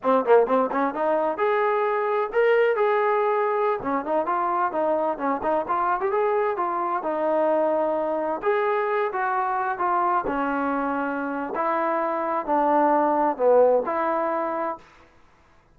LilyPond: \new Staff \with { instrumentName = "trombone" } { \time 4/4 \tempo 4 = 130 c'8 ais8 c'8 cis'8 dis'4 gis'4~ | gis'4 ais'4 gis'2~ | gis'16 cis'8 dis'8 f'4 dis'4 cis'8 dis'16~ | dis'16 f'8. g'16 gis'4 f'4 dis'8.~ |
dis'2~ dis'16 gis'4. fis'16~ | fis'4~ fis'16 f'4 cis'4.~ cis'16~ | cis'4 e'2 d'4~ | d'4 b4 e'2 | }